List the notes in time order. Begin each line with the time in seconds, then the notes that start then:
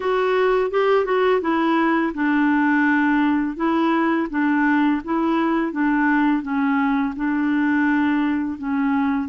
0.00 F#4
0.70 G4
1.05 F#4
1.41 E4
2.14 D4
3.56 E4
4.30 D4
5.04 E4
5.71 D4
6.42 C#4
7.16 D4
8.57 C#4